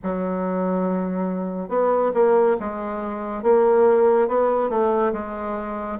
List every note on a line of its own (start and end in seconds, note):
0.02 1.68 F#3
1.68 2.11 B3
2.14 2.56 A#3
2.59 3.42 G#3
3.42 4.27 A#3
4.27 4.69 B3
4.69 5.12 A3
5.12 5.98 G#3